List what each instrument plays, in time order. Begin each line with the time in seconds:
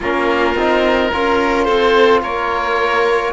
0.00 cello A#3, trombone C#4, violin F4, oboe A#4
0.54 cello C4, trombone D#4
1.12 cello C#4, trombone F4, violin A#4
1.64 cello C4, violin A4, oboe C5
2.22 cello A#3, violin A#4, oboe C#5